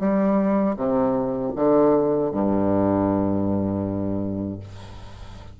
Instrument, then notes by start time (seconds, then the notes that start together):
bassoon
0.00 G3
0.77 C3
1.56 D3
2.32 G2